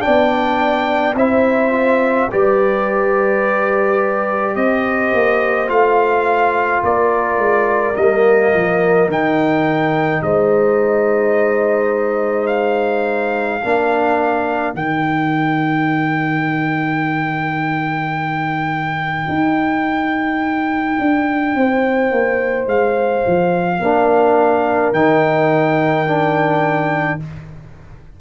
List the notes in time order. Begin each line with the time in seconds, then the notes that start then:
0.00 D4 D5 G5
0.07 B3
1.14 C4 E4 C5 E5
1.72 F4
2.30 G3 G4 B4 D5
4.55 C4 C5 D#5
5.14 A#3
5.68 A3 F4 F5
6.83 A#3 A#4 D5
7.38 G#3
7.96 G3 A#3 D#5
8.54 F3
9.08 D#3 D#4 G5
10.22 G#3 C5 D#5
12.47 F5
13.62 A#3 D4 A#4
14.74 D#3 D#4 G5
19.28 D#4
20.99 D4
21.55 C4 C5
22.11 A#3
22.66 G#3 F5
23.27 F3
23.79 A#3 D4 A#4
24.92 D#3 D#4 G5
26.06 D4